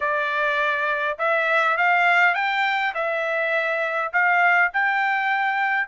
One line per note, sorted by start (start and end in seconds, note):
0.00 1.18 D5
1.18 1.77 E5
1.77 2.34 F5
2.34 2.93 G5
2.94 4.12 E5
4.12 4.71 F5
4.73 5.87 G5